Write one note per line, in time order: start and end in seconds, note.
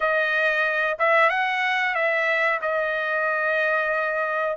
0.00 0.97 D#5
0.98 1.29 E5
1.29 1.94 F#5
1.94 2.60 E5
2.61 4.57 D#5